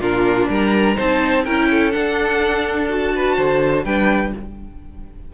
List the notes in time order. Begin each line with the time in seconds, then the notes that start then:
0.00 A#2 D4 F4 A#4
0.49 G3 A#4 A#5
0.96 C4 D#4 C5 A5
1.45 C#4 E4 A#4 G5
1.71 A4
1.92 D4 F#5
2.89 F#4 A5
3.15 B4
3.36 D3 C5
3.85 G3 D4 B4 G5